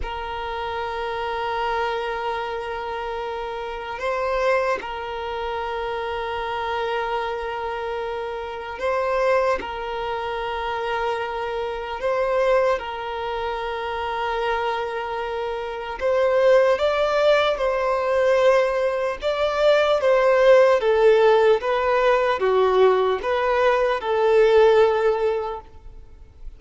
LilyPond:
\new Staff \with { instrumentName = "violin" } { \time 4/4 \tempo 4 = 75 ais'1~ | ais'4 c''4 ais'2~ | ais'2. c''4 | ais'2. c''4 |
ais'1 | c''4 d''4 c''2 | d''4 c''4 a'4 b'4 | fis'4 b'4 a'2 | }